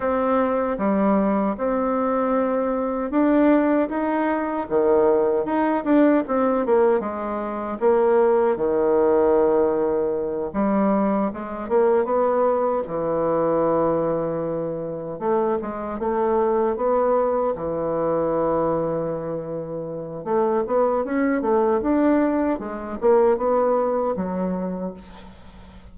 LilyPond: \new Staff \with { instrumentName = "bassoon" } { \time 4/4 \tempo 4 = 77 c'4 g4 c'2 | d'4 dis'4 dis4 dis'8 d'8 | c'8 ais8 gis4 ais4 dis4~ | dis4. g4 gis8 ais8 b8~ |
b8 e2. a8 | gis8 a4 b4 e4.~ | e2 a8 b8 cis'8 a8 | d'4 gis8 ais8 b4 fis4 | }